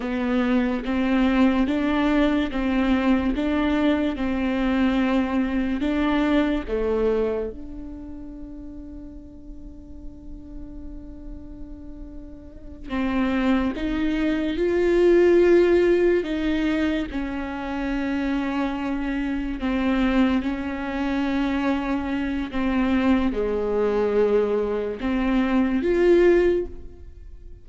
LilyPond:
\new Staff \with { instrumentName = "viola" } { \time 4/4 \tempo 4 = 72 b4 c'4 d'4 c'4 | d'4 c'2 d'4 | a4 d'2.~ | d'2.~ d'8 c'8~ |
c'8 dis'4 f'2 dis'8~ | dis'8 cis'2. c'8~ | c'8 cis'2~ cis'8 c'4 | gis2 c'4 f'4 | }